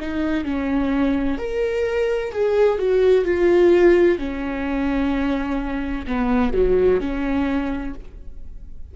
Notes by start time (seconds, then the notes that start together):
0.00 D#4
0.44 C#4
1.38 A#4
2.32 G#4
2.79 F#4
3.25 F4
4.18 C#4
6.07 B3
6.53 F#3
7.01 C#4